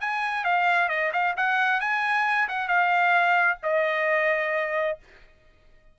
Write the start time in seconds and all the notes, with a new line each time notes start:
0.00 G#5
0.44 F5
0.88 D#5
1.12 F5
1.36 F#5
1.80 G#5
2.48 F#5
2.68 F5
3.63 D#5